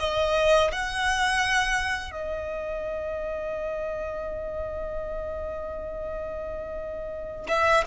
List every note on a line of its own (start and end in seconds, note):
0.00 0.71 D#5
0.72 2.11 F#5
2.11 7.47 D#5
7.48 7.84 E5